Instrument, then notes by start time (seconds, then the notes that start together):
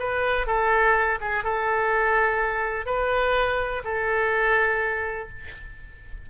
oboe
0.00 B4
0.47 A4
1.21 G#4
1.45 A4
2.86 B4
3.84 A4